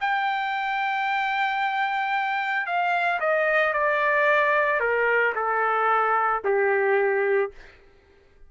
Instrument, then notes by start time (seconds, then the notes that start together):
trumpet
0.00 G5
2.66 F5
3.20 D#5
3.73 D5
4.79 A#4
5.35 A4
6.44 G4